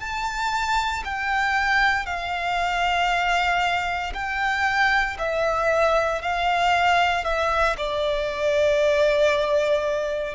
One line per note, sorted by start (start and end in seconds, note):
0.00 1.03 A5
1.04 2.06 G5
2.06 4.13 F5
4.14 5.17 G5
5.19 6.22 E5
6.22 7.24 F5
7.24 7.76 E5
7.77 10.34 D5